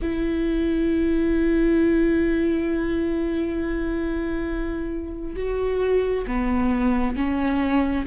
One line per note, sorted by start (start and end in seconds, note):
0.01 5.35 E4
5.35 6.25 F#4
6.26 7.16 B3
7.16 8.05 C#4